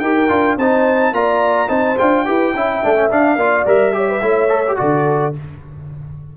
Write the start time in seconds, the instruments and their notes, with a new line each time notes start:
0.00 tuba D#4, trombone G4, horn A#4, trumpet G5
0.29 tuba D4, trombone F4
0.57 tuba C4, trombone D#4, horn C5, trumpet A5
1.12 tuba A#3, trombone F4, horn D5, trumpet A#5
1.68 tuba C4, trombone D#4, horn C5, trumpet A5
1.98 tuba D4, trombone F4, trumpet G5
2.26 tuba E4, trombone G4, horn B4
2.55 tuba C#4, trombone E4, horn E5
2.83 tuba A3, trombone D4
2.96 trombone C#4
3.11 trombone D4, tuba D4, trumpet F5
3.36 tuba A#3, trombone F4, horn D5
3.66 tuba G3, trombone A#4, trumpet E5
3.93 trombone G4, horn C#5
4.09 horn B4
4.22 tuba A3, trombone E4, horn C#5
4.50 trombone A4
4.68 trombone G4
4.77 tuba D3, trombone F#4, horn A4, trumpet D5